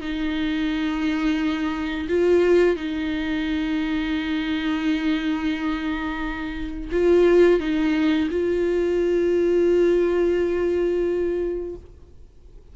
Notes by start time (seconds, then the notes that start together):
0.00 D#4
2.08 F4
2.76 D#4
6.92 F4
7.60 D#4
8.30 F4